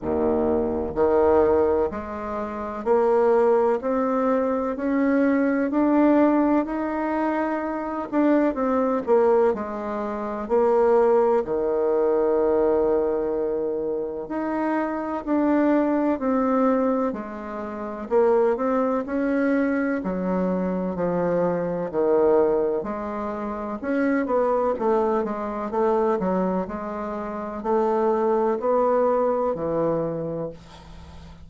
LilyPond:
\new Staff \with { instrumentName = "bassoon" } { \time 4/4 \tempo 4 = 63 dis,4 dis4 gis4 ais4 | c'4 cis'4 d'4 dis'4~ | dis'8 d'8 c'8 ais8 gis4 ais4 | dis2. dis'4 |
d'4 c'4 gis4 ais8 c'8 | cis'4 fis4 f4 dis4 | gis4 cis'8 b8 a8 gis8 a8 fis8 | gis4 a4 b4 e4 | }